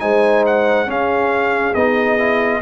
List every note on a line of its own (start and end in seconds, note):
0.00 0.88 G#3
0.00 0.87 D#4
0.00 0.89 C5
0.00 0.44 G#5
0.47 0.90 F#5
0.87 1.74 C#4
0.87 1.75 C#4
0.87 2.63 G#4
0.87 1.75 F5
1.75 2.62 B3
1.75 2.19 D#4
1.75 2.62 D#5
2.19 2.62 E4